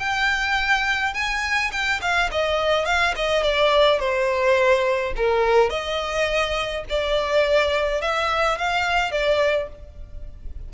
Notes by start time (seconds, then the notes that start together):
0.00 G5
1.14 G#5
1.72 G5
2.02 F5
2.32 D#5
2.86 F5
3.16 D#5
3.44 D5
4.00 C5
5.17 A#4
5.70 D#5
6.90 D5
8.02 E5
8.59 F5
9.12 D5